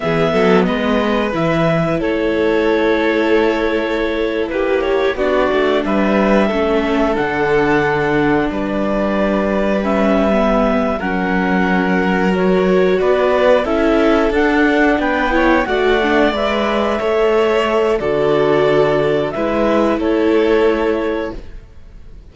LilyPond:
<<
  \new Staff \with { instrumentName = "clarinet" } { \time 4/4 \tempo 4 = 90 e''4 dis''4 e''4 cis''4~ | cis''2~ cis''8. b'8 cis''8 d''16~ | d''8. e''2 fis''4~ fis''16~ | fis''8. d''2 e''4~ e''16~ |
e''8 fis''2 cis''4 d''8~ | d''8 e''4 fis''4 g''4 fis''8~ | fis''8 e''2~ e''8 d''4~ | d''4 e''4 cis''2 | }
  \new Staff \with { instrumentName = "violin" } { \time 4/4 gis'8 a'8 b'2 a'4~ | a'2~ a'8. g'4 fis'16~ | fis'8. b'4 a'2~ a'16~ | a'8. b'2.~ b'16~ |
b'8 ais'2. b'8~ | b'8 a'2 b'8 cis''8 d''8~ | d''4. cis''4. a'4~ | a'4 b'4 a'2 | }
  \new Staff \with { instrumentName = "viola" } { \time 4/4 b2 e'2~ | e'2.~ e'8. d'16~ | d'4.~ d'16 cis'4 d'4~ d'16~ | d'2~ d'8. cis'8. b8~ |
b8 cis'2 fis'4.~ | fis'8 e'4 d'4. e'8 fis'8 | d'8 b'4 a'4. fis'4~ | fis'4 e'2. | }
  \new Staff \with { instrumentName = "cello" } { \time 4/4 e8 fis8 gis4 e4 a4~ | a2~ a8. ais4 b16~ | b16 a8 g4 a4 d4~ d16~ | d8. g2.~ g16~ |
g8 fis2. b8~ | b8 cis'4 d'4 b4 a8~ | a8 gis4 a4. d4~ | d4 gis4 a2 | }
>>